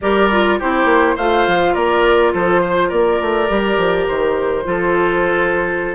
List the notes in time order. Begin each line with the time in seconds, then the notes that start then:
0.01 G3 G4 A#4 D5
0.31 F4
0.59 C4 E4 G4 C5
0.84 A#3
1.15 A3 F4 C5 F5
1.47 F3
1.73 A#3 A#4 D5
2.33 F3 A4 C5
2.61 C5
2.88 A#3 A#4 D5
3.20 A3
3.48 G3 G4
3.77 F3
4.07 D#3 C5
4.64 F3 F4 A4